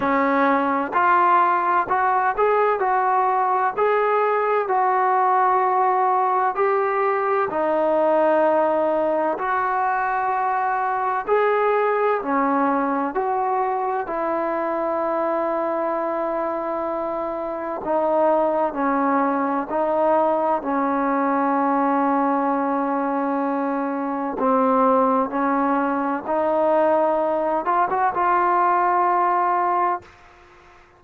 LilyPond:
\new Staff \with { instrumentName = "trombone" } { \time 4/4 \tempo 4 = 64 cis'4 f'4 fis'8 gis'8 fis'4 | gis'4 fis'2 g'4 | dis'2 fis'2 | gis'4 cis'4 fis'4 e'4~ |
e'2. dis'4 | cis'4 dis'4 cis'2~ | cis'2 c'4 cis'4 | dis'4. f'16 fis'16 f'2 | }